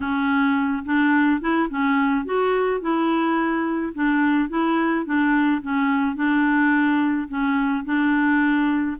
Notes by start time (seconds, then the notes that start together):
0.00 C#4
0.85 D4
1.40 E4
1.69 C#4
2.25 F#4
2.80 E4
3.94 D4
4.49 E4
5.05 D4
5.62 C#4
6.15 D4
7.28 C#4
7.84 D4